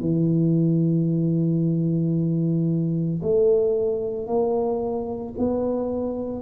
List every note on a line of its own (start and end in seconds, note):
0.00 3.21 E3
3.22 4.27 A3
4.27 5.34 A#3
5.38 6.42 B3